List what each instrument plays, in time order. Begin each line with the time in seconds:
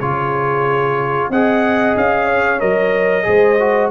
0.00 tuba C#3, trombone F4, horn G#4, trumpet C#5
1.30 tuba C4, trombone G#4, horn D#5, trumpet F#5
1.96 tuba C#4, trumpet F5
2.26 horn C#5
2.60 tuba F#3, trombone A#4, trumpet D#5
3.23 tuba G#3, trombone G#4, horn C5
3.60 trombone F#4